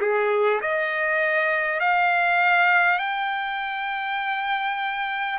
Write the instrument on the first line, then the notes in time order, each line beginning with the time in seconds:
trumpet
0.00 G#4
0.61 D#5
1.79 F5
2.98 G5